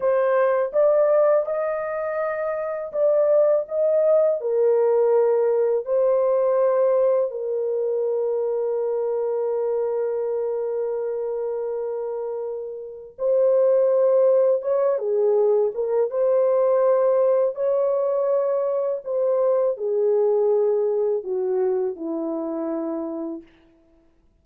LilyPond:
\new Staff \with { instrumentName = "horn" } { \time 4/4 \tempo 4 = 82 c''4 d''4 dis''2 | d''4 dis''4 ais'2 | c''2 ais'2~ | ais'1~ |
ais'2 c''2 | cis''8 gis'4 ais'8 c''2 | cis''2 c''4 gis'4~ | gis'4 fis'4 e'2 | }